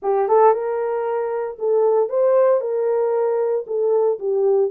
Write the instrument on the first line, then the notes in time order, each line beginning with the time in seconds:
horn
0.02 G4
0.28 A4
0.53 A#4
1.59 A4
2.09 C5
2.60 A#4
3.66 A4
4.19 G4